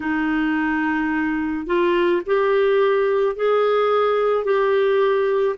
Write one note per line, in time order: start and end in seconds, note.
0.00 1.66 D#4
1.66 2.22 F4
2.26 3.35 G4
3.35 4.44 G#4
4.44 5.55 G4